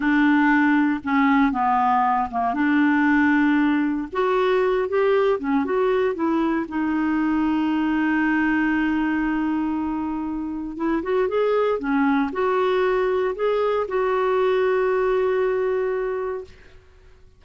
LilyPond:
\new Staff \with { instrumentName = "clarinet" } { \time 4/4 \tempo 4 = 117 d'2 cis'4 b4~ | b8 ais8 d'2. | fis'4. g'4 cis'8 fis'4 | e'4 dis'2.~ |
dis'1~ | dis'4 e'8 fis'8 gis'4 cis'4 | fis'2 gis'4 fis'4~ | fis'1 | }